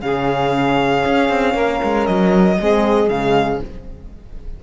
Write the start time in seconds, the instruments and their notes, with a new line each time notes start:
0.00 cello C#3, horn C#4, saxophone G#4, violin F5
1.05 cello C#4
1.29 cello C4
1.54 cello A#3, saxophone A#4
1.83 cello G#3
2.06 cello F#3, violin D#5
2.60 cello G#3, horn C4, saxophone G#4
3.08 cello C#3, horn G#3, violin F5